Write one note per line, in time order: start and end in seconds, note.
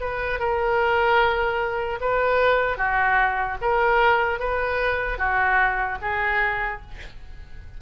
0.00 0.39 B4
0.39 1.99 A#4
2.00 2.77 B4
2.77 3.57 F#4
3.61 4.39 A#4
4.39 5.18 B4
5.18 5.98 F#4
6.01 6.81 G#4